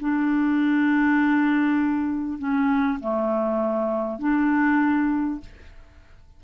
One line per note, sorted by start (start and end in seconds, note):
0.00 2.38 D4
2.38 2.99 C#4
3.00 4.19 A3
4.19 5.40 D4